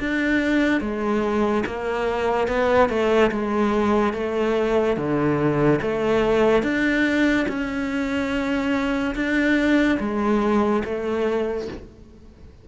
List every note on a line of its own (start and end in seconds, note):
0.00 0.81 D4
0.81 1.64 G#3
1.66 2.48 A#3
2.48 2.89 B3
2.89 3.31 A3
3.32 4.14 G#3
4.14 4.97 A3
4.97 5.80 D3
5.82 6.63 A3
6.63 7.47 D4
7.49 9.16 C#4
9.16 9.99 D4
10.00 10.83 G#3
10.85 11.69 A3